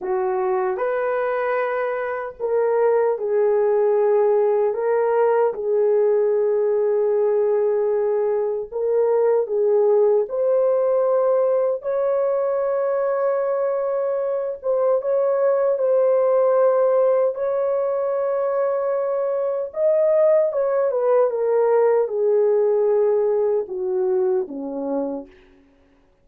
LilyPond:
\new Staff \with { instrumentName = "horn" } { \time 4/4 \tempo 4 = 76 fis'4 b'2 ais'4 | gis'2 ais'4 gis'4~ | gis'2. ais'4 | gis'4 c''2 cis''4~ |
cis''2~ cis''8 c''8 cis''4 | c''2 cis''2~ | cis''4 dis''4 cis''8 b'8 ais'4 | gis'2 fis'4 cis'4 | }